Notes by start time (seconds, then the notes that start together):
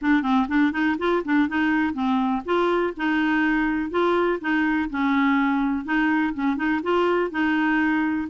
0.01 D4
0.22 C4
0.48 D4
0.72 D#4
0.98 F4
1.24 D4
1.48 D#4
1.93 C4
2.45 F4
2.96 D#4
3.90 F4
4.40 D#4
4.90 C#4
5.84 D#4
6.34 C#4
6.56 D#4
6.82 F4
7.30 D#4